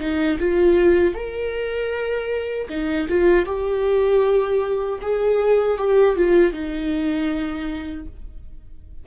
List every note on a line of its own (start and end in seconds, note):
0.00 0.38 D#4
0.40 1.15 F4
1.15 2.69 A#4
2.70 3.08 D#4
3.09 3.46 F4
3.46 5.00 G4
5.02 5.78 G#4
5.78 6.16 G4
6.16 6.53 F4
6.53 8.07 D#4